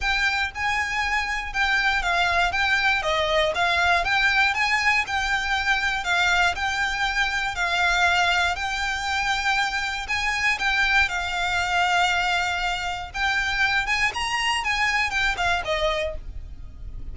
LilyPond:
\new Staff \with { instrumentName = "violin" } { \time 4/4 \tempo 4 = 119 g''4 gis''2 g''4 | f''4 g''4 dis''4 f''4 | g''4 gis''4 g''2 | f''4 g''2 f''4~ |
f''4 g''2. | gis''4 g''4 f''2~ | f''2 g''4. gis''8 | ais''4 gis''4 g''8 f''8 dis''4 | }